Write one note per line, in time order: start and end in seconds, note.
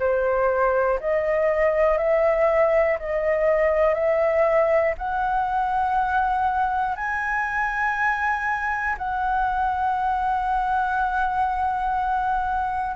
0.00 1.00 C5
1.00 1.98 D#5
1.98 2.98 E5
2.99 3.95 D#5
3.95 4.95 E5
4.98 6.97 F#5
6.97 8.97 G#5
8.98 12.96 F#5